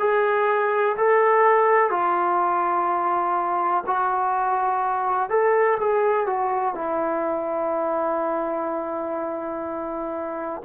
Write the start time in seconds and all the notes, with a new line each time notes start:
0.00 G#4
0.97 A4
1.91 F4
3.87 F#4
5.30 A4
5.80 G#4
6.27 F#4
6.75 E4